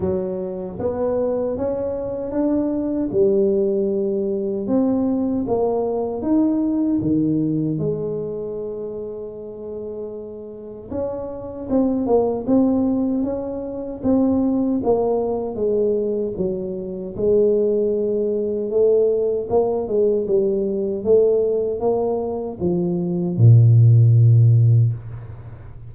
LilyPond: \new Staff \with { instrumentName = "tuba" } { \time 4/4 \tempo 4 = 77 fis4 b4 cis'4 d'4 | g2 c'4 ais4 | dis'4 dis4 gis2~ | gis2 cis'4 c'8 ais8 |
c'4 cis'4 c'4 ais4 | gis4 fis4 gis2 | a4 ais8 gis8 g4 a4 | ais4 f4 ais,2 | }